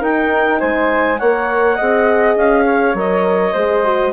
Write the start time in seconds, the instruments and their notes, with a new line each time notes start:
0.00 bassoon D#4, horn D#4, flute A#4, clarinet G5
0.59 bassoon G#3, flute C5, clarinet G#5
1.18 bassoon A#3, horn A#4, flute C#5, clarinet F#5
1.75 bassoon C4, horn G#4, flute D#5
2.36 bassoon C#4, clarinet F5
2.66 flute C#5
2.94 bassoon F#3, horn A#4, clarinet D#5
3.53 bassoon G#3, horn G#4, flute C5
3.84 horn F#4